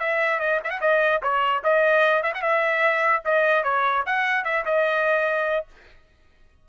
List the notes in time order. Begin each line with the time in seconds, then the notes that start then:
0.00 E5
0.40 D#5
0.64 E5 F#5
0.81 D#5
1.23 C#5
1.64 D#5
2.23 E5
2.35 F#5
2.42 E5
3.25 D#5
3.64 C#5
4.07 F#5
4.45 E5
4.65 D#5